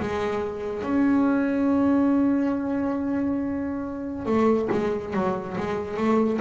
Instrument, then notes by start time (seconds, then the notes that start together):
double bass
0.00 G#3
0.83 C#4
4.26 A3
4.71 G#3
5.14 F#3
5.58 G#3
5.97 A3